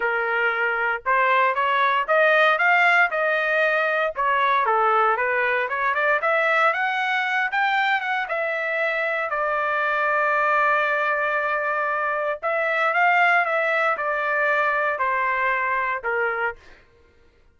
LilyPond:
\new Staff \with { instrumentName = "trumpet" } { \time 4/4 \tempo 4 = 116 ais'2 c''4 cis''4 | dis''4 f''4 dis''2 | cis''4 a'4 b'4 cis''8 d''8 | e''4 fis''4. g''4 fis''8 |
e''2 d''2~ | d''1 | e''4 f''4 e''4 d''4~ | d''4 c''2 ais'4 | }